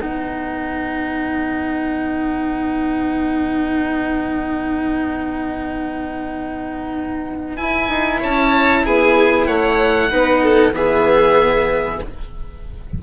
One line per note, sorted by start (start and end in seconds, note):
0.00 7.59 B3
0.00 7.57 D#4
0.00 8.19 B4
0.00 7.57 F#5
7.57 10.09 E4
7.57 7.88 E4
7.57 8.20 G#5
7.88 8.20 D#4
8.19 8.86 C#4
8.19 8.82 C#5
8.19 8.86 A5
8.85 9.47 B3
8.85 9.47 G#4
8.85 9.47 G#5
9.47 10.10 A3
9.47 10.10 C#5
9.47 10.73 F#5
10.10 10.71 B3
10.10 10.73 D#4
10.10 10.42 B4
10.42 10.74 A4
10.71 11.97 E3
10.71 12.00 B3
10.71 12.02 G#4
10.71 12.01 E5